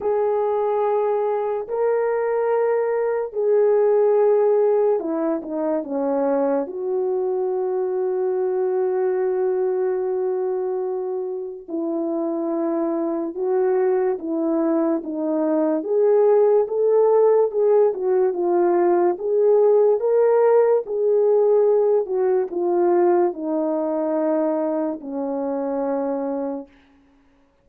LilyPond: \new Staff \with { instrumentName = "horn" } { \time 4/4 \tempo 4 = 72 gis'2 ais'2 | gis'2 e'8 dis'8 cis'4 | fis'1~ | fis'2 e'2 |
fis'4 e'4 dis'4 gis'4 | a'4 gis'8 fis'8 f'4 gis'4 | ais'4 gis'4. fis'8 f'4 | dis'2 cis'2 | }